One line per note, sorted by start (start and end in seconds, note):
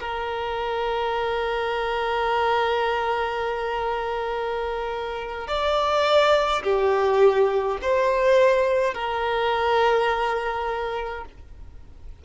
0.00 5.48 A#4
5.48 6.63 D5
6.63 7.78 G4
7.81 8.94 C5
8.94 11.24 A#4